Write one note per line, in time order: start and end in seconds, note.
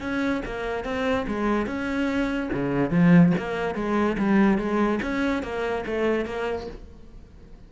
0.00 0.42 C#4
0.45 0.84 A#3
0.84 1.26 C4
1.27 1.66 G#3
1.66 2.49 C#4
2.53 2.90 C#3
2.90 3.32 F3
3.38 3.75 A#3
3.75 4.16 G#3
4.18 4.58 G3
4.58 4.99 G#3
5.02 5.42 C#4
5.42 5.84 A#3
5.86 6.25 A3
6.25 6.66 A#3